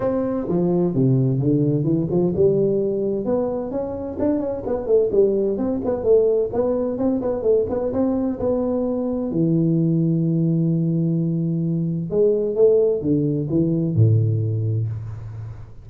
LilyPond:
\new Staff \with { instrumentName = "tuba" } { \time 4/4 \tempo 4 = 129 c'4 f4 c4 d4 | e8 f8 g2 b4 | cis'4 d'8 cis'8 b8 a8 g4 | c'8 b8 a4 b4 c'8 b8 |
a8 b8 c'4 b2 | e1~ | e2 gis4 a4 | d4 e4 a,2 | }